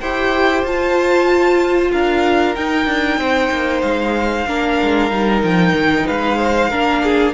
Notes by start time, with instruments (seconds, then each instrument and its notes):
0.00 cello E4, viola G4, violin C5 G5
0.63 cello F4, viola F4, violin A5
1.91 cello D4, violin A#4 F5
2.55 viola D#4, cello D#4, violin G5
2.86 cello D4
3.18 cello C4, violin C5
3.51 cello A#3
3.81 cello G#3, violin F5
4.47 cello A#3, viola D4, violin A#4
4.82 cello G#3
5.11 cello G3, viola D#4
5.43 cello F3, violin G5
5.73 cello D#3
6.07 cello G#3, violin B4 F5
6.38 violin C5
6.70 cello A#3, viola D4, violin A#4
7.03 violin G#4